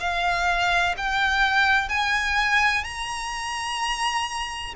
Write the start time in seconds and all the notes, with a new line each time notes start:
0.00 F5
0.97 G5
1.88 G#5
2.84 A#5